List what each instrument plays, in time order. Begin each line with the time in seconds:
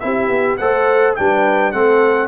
0.00 tuba C4, trombone E4, horn G4, trumpet E5
0.28 tuba B3
0.57 tuba A3, trombone A4, horn C5, trumpet F#5
1.15 tuba G3, trombone D4, horn B4, trumpet G5
1.72 tuba A3, trombone C4, horn A4, trumpet F#5